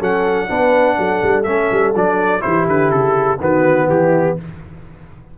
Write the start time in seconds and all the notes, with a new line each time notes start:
0.00 F#3 C#4 A4 F#5
0.49 B3 D4 B4
0.99 F#3 A4
1.23 G3
1.43 A3 C#4 E5
1.72 G3
1.95 F#3 D4 D5
2.41 E3 E4 G4 C5
2.68 D3 B4
2.91 C#3 A4
3.40 D#3 B3 F#4 B4
3.89 E3 E4 G4